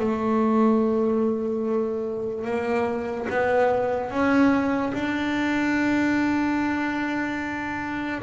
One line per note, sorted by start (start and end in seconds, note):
0.00 2.45 A3
2.45 3.27 A#3
3.30 4.11 B3
4.11 4.93 C#4
4.94 8.23 D4